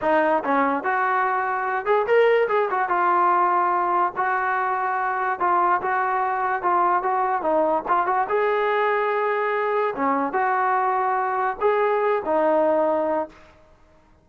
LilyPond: \new Staff \with { instrumentName = "trombone" } { \time 4/4 \tempo 4 = 145 dis'4 cis'4 fis'2~ | fis'8 gis'8 ais'4 gis'8 fis'8 f'4~ | f'2 fis'2~ | fis'4 f'4 fis'2 |
f'4 fis'4 dis'4 f'8 fis'8 | gis'1 | cis'4 fis'2. | gis'4. dis'2~ dis'8 | }